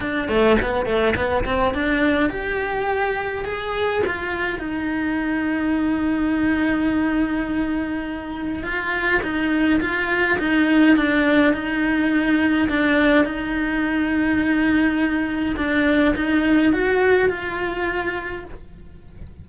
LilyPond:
\new Staff \with { instrumentName = "cello" } { \time 4/4 \tempo 4 = 104 d'8 a8 b8 a8 b8 c'8 d'4 | g'2 gis'4 f'4 | dis'1~ | dis'2. f'4 |
dis'4 f'4 dis'4 d'4 | dis'2 d'4 dis'4~ | dis'2. d'4 | dis'4 fis'4 f'2 | }